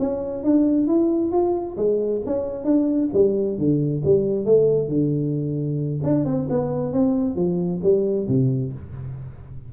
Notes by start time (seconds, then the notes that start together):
0.00 C#4
0.44 D4
0.88 E4
1.32 F4
1.77 G#3
2.26 C#4
2.65 D4
3.13 G3
3.58 D3
4.05 G3
4.46 A3
4.89 D3
6.03 D4
6.26 C4
6.50 B3
6.93 C4
7.36 F3
7.83 G3
8.28 C3